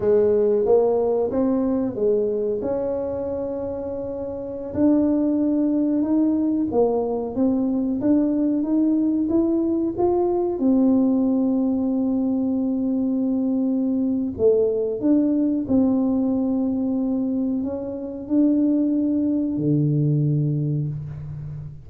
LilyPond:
\new Staff \with { instrumentName = "tuba" } { \time 4/4 \tempo 4 = 92 gis4 ais4 c'4 gis4 | cis'2.~ cis'16 d'8.~ | d'4~ d'16 dis'4 ais4 c'8.~ | c'16 d'4 dis'4 e'4 f'8.~ |
f'16 c'2.~ c'8.~ | c'2 a4 d'4 | c'2. cis'4 | d'2 d2 | }